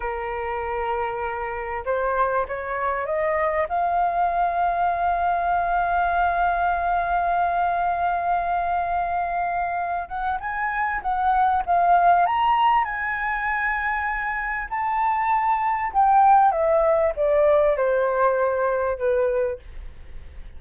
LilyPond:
\new Staff \with { instrumentName = "flute" } { \time 4/4 \tempo 4 = 98 ais'2. c''4 | cis''4 dis''4 f''2~ | f''1~ | f''1~ |
f''8 fis''8 gis''4 fis''4 f''4 | ais''4 gis''2. | a''2 g''4 e''4 | d''4 c''2 b'4 | }